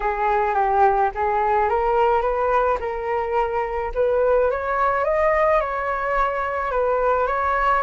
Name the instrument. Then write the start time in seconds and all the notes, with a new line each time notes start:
flute
0.00 G#4
0.54 G4
1.14 G#4
1.69 A#4
2.21 B4
2.79 A#4
3.94 B4
4.50 C#5
5.04 D#5
5.60 C#5
6.71 B4
7.26 C#5